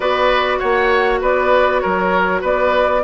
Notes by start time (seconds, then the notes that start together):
0.00 B3 F#4 B4 D5
0.58 A#3 C#5 F#5
1.21 B3 B4 D5
1.80 F#3 A#4 C#5
2.41 B3 B4 D5